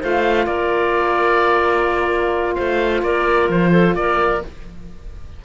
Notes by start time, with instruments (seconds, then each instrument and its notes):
0.00 cello A3, saxophone F4, clarinet C5, oboe F5
0.46 cello A#3, clarinet A#4, oboe D5
2.55 cello A3, clarinet C5, oboe F5
3.02 cello A#3, clarinet A#4, oboe D5
3.49 cello F3, oboe C5
3.72 clarinet A4
3.95 cello A#3, clarinet A#4, oboe D5